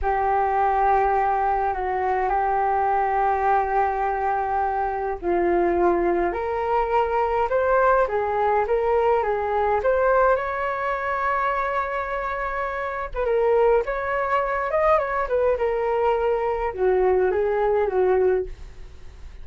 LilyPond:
\new Staff \with { instrumentName = "flute" } { \time 4/4 \tempo 4 = 104 g'2. fis'4 | g'1~ | g'4 f'2 ais'4~ | ais'4 c''4 gis'4 ais'4 |
gis'4 c''4 cis''2~ | cis''2~ cis''8. b'16 ais'4 | cis''4. dis''8 cis''8 b'8 ais'4~ | ais'4 fis'4 gis'4 fis'4 | }